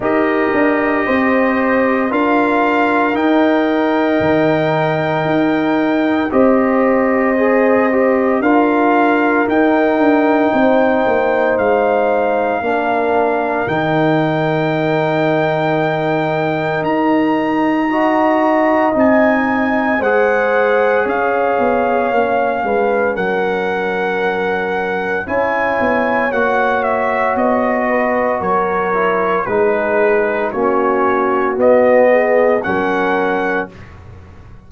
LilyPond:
<<
  \new Staff \with { instrumentName = "trumpet" } { \time 4/4 \tempo 4 = 57 dis''2 f''4 g''4~ | g''2 dis''2 | f''4 g''2 f''4~ | f''4 g''2. |
ais''2 gis''4 fis''4 | f''2 fis''2 | gis''4 fis''8 e''8 dis''4 cis''4 | b'4 cis''4 dis''4 fis''4 | }
  \new Staff \with { instrumentName = "horn" } { \time 4/4 ais'4 c''4 ais'2~ | ais'2 c''2 | ais'2 c''2 | ais'1~ |
ais'4 dis''2 c''4 | cis''4. b'8 ais'2 | cis''2~ cis''8 b'8 ais'4 | gis'4 fis'4. gis'8 ais'4 | }
  \new Staff \with { instrumentName = "trombone" } { \time 4/4 g'2 f'4 dis'4~ | dis'2 g'4 gis'8 g'8 | f'4 dis'2. | d'4 dis'2.~ |
dis'4 fis'4 dis'4 gis'4~ | gis'4 cis'2. | e'4 fis'2~ fis'8 e'8 | dis'4 cis'4 b4 cis'4 | }
  \new Staff \with { instrumentName = "tuba" } { \time 4/4 dis'8 d'8 c'4 d'4 dis'4 | dis4 dis'4 c'2 | d'4 dis'8 d'8 c'8 ais8 gis4 | ais4 dis2. |
dis'2 c'4 gis4 | cis'8 b8 ais8 gis8 fis2 | cis'8 b8 ais4 b4 fis4 | gis4 ais4 b4 fis4 | }
>>